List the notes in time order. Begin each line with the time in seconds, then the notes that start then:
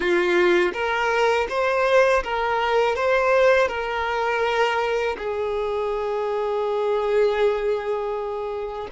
0.00 F4
0.73 A#4
1.49 C5
2.23 A#4
2.95 C5
3.68 A#4
5.17 G#4